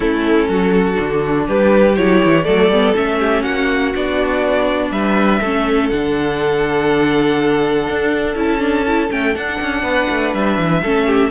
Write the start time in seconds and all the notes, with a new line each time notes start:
0.00 A3 C#4 E4 A4
0.48 F#3 F#4
0.94 D3 D4
1.47 G3 G4 B4
1.96 F#3 E4 C#5
2.24 E3
2.44 F#3 A3 A4 D5
2.68 G3 B3
2.95 A3 C#4 E5
3.19 G4
3.42 A#3 F#4 F#5
3.94 B3 D4 D5
4.90 G3 B4 E5
5.39 A3 C#4 A4
5.89 D3 D4 F#5
7.89 D4
8.35 C#4 E4 A5
8.59 D4
8.87 E4
9.09 A3 C#4 G5
9.35 D4 F#5
9.61 C#4
9.82 B3 B4
10.09 A3
10.33 G3 E5
10.58 E3
10.82 A3 C#4 A4
11.06 G4